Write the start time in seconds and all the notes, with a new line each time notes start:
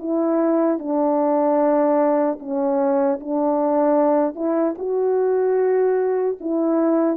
0.00 E4
0.79 D4
2.40 C#4
3.21 D4
4.36 E4
4.79 F#4
6.41 E4